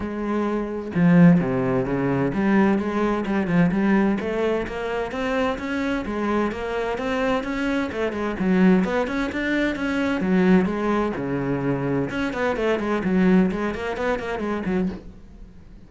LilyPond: \new Staff \with { instrumentName = "cello" } { \time 4/4 \tempo 4 = 129 gis2 f4 c4 | cis4 g4 gis4 g8 f8 | g4 a4 ais4 c'4 | cis'4 gis4 ais4 c'4 |
cis'4 a8 gis8 fis4 b8 cis'8 | d'4 cis'4 fis4 gis4 | cis2 cis'8 b8 a8 gis8 | fis4 gis8 ais8 b8 ais8 gis8 fis8 | }